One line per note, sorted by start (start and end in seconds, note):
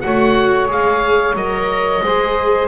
0.00 0.70 A3
0.00 0.68 F#4
0.00 2.03 C#5
0.00 0.67 F#5
0.68 1.34 G#3
0.68 1.34 G#4
0.68 1.36 F5
1.34 2.00 F#3
1.34 2.03 A#4
1.34 2.68 D#5
2.02 2.68 G#3
2.02 2.68 G#4
2.02 2.68 C5